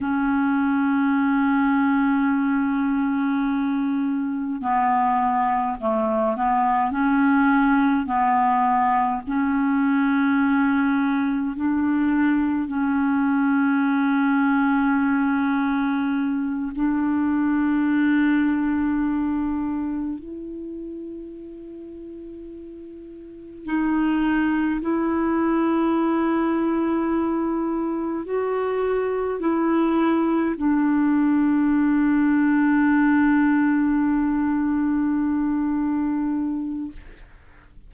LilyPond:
\new Staff \with { instrumentName = "clarinet" } { \time 4/4 \tempo 4 = 52 cis'1 | b4 a8 b8 cis'4 b4 | cis'2 d'4 cis'4~ | cis'2~ cis'8 d'4.~ |
d'4. e'2~ e'8~ | e'8 dis'4 e'2~ e'8~ | e'8 fis'4 e'4 d'4.~ | d'1 | }